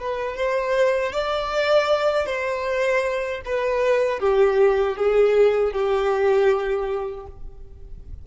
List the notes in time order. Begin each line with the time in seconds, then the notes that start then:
0.00 B4
0.37 C5
1.13 D5
2.26 C5
3.46 B4
4.20 G4
4.97 G#4
5.73 G4